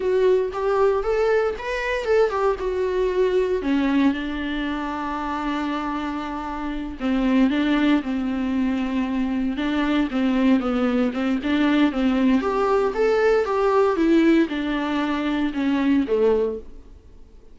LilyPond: \new Staff \with { instrumentName = "viola" } { \time 4/4 \tempo 4 = 116 fis'4 g'4 a'4 b'4 | a'8 g'8 fis'2 cis'4 | d'1~ | d'4. c'4 d'4 c'8~ |
c'2~ c'8 d'4 c'8~ | c'8 b4 c'8 d'4 c'4 | g'4 a'4 g'4 e'4 | d'2 cis'4 a4 | }